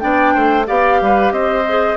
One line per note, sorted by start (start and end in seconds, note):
0.00 0.35 B3
0.00 0.65 D4
0.00 0.34 D5
0.00 0.65 G5
0.34 0.68 A3
0.34 0.67 C5
0.67 1.01 B3
0.67 1.64 G4
0.67 1.00 D5
0.67 1.32 F5
1.02 1.32 G3
1.02 1.33 B4
1.32 1.97 C4
1.32 1.97 C5
1.32 1.97 D#5
1.69 1.97 G#4